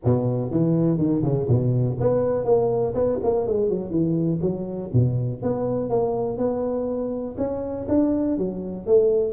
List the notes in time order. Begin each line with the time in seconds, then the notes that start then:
0.04 B2
0.51 E3
0.97 D#3
1.23 C#3
1.48 B2
1.99 B3
2.44 A#3
2.94 B3
3.23 A#3
3.46 G#3
3.69 F#3
3.90 E3
4.41 F#3
4.93 B2
5.42 B3
5.89 A#3
6.37 B3
7.37 C#4
7.88 D4
8.37 F#3
8.86 A3